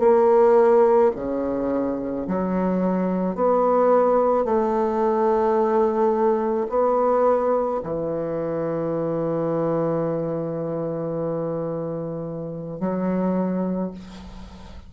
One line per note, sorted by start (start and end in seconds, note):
0.00 1.11 A#3
1.16 2.27 C#3
2.28 3.35 F#3
3.35 4.45 B3
4.45 6.67 A3
6.70 7.81 B3
7.84 12.81 E3
12.81 13.92 F#3